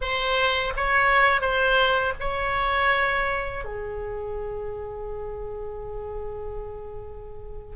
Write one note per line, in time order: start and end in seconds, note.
0.01 0.73 C5
0.76 1.41 C#5
1.41 2.13 C5
2.20 3.64 C#5
3.64 7.75 G#4